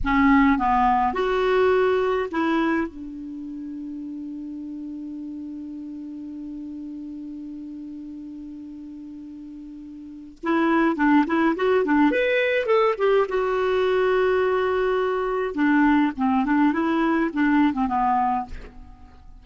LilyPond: \new Staff \with { instrumentName = "clarinet" } { \time 4/4 \tempo 4 = 104 cis'4 b4 fis'2 | e'4 d'2.~ | d'1~ | d'1~ |
d'2 e'4 d'8 e'8 | fis'8 d'8 b'4 a'8 g'8 fis'4~ | fis'2. d'4 | c'8 d'8 e'4 d'8. c'16 b4 | }